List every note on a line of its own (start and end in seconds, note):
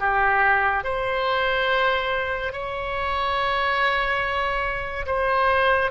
0.00 0.84 G4
0.84 2.53 C5
2.53 5.06 C#5
5.07 5.91 C5